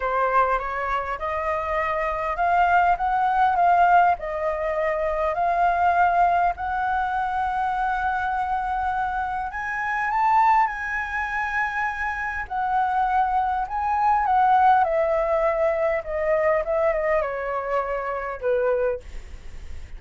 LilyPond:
\new Staff \with { instrumentName = "flute" } { \time 4/4 \tempo 4 = 101 c''4 cis''4 dis''2 | f''4 fis''4 f''4 dis''4~ | dis''4 f''2 fis''4~ | fis''1 |
gis''4 a''4 gis''2~ | gis''4 fis''2 gis''4 | fis''4 e''2 dis''4 | e''8 dis''8 cis''2 b'4 | }